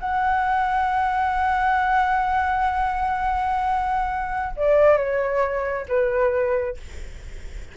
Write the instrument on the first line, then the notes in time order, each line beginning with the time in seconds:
flute
0.00 F#5
4.57 D5
4.97 C#5
5.88 B4